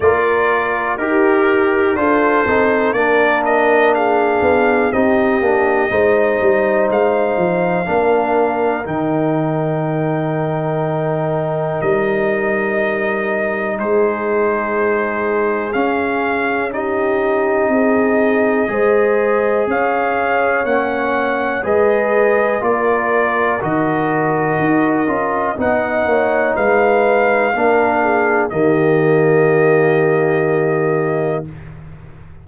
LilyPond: <<
  \new Staff \with { instrumentName = "trumpet" } { \time 4/4 \tempo 4 = 61 d''4 ais'4 c''4 d''8 dis''8 | f''4 dis''2 f''4~ | f''4 g''2. | dis''2 c''2 |
f''4 dis''2. | f''4 fis''4 dis''4 d''4 | dis''2 fis''4 f''4~ | f''4 dis''2. | }
  \new Staff \with { instrumentName = "horn" } { \time 4/4 ais'4 g'4 a'4 ais'4 | gis'4 g'4 c''2 | ais'1~ | ais'2 gis'2~ |
gis'4 g'4 gis'4 c''4 | cis''2 b'4 ais'4~ | ais'2 dis''8 cis''8 b'4 | ais'8 gis'8 g'2. | }
  \new Staff \with { instrumentName = "trombone" } { \time 4/4 f'4 g'4 f'8 dis'8 d'4~ | d'4 dis'8 d'8 dis'2 | d'4 dis'2.~ | dis'1 |
cis'4 dis'2 gis'4~ | gis'4 cis'4 gis'4 f'4 | fis'4. f'8 dis'2 | d'4 ais2. | }
  \new Staff \with { instrumentName = "tuba" } { \time 4/4 ais4 dis'4 d'8 c'8 ais4~ | ais8 b8 c'8 ais8 gis8 g8 gis8 f8 | ais4 dis2. | g2 gis2 |
cis'2 c'4 gis4 | cis'4 ais4 gis4 ais4 | dis4 dis'8 cis'8 b8 ais8 gis4 | ais4 dis2. | }
>>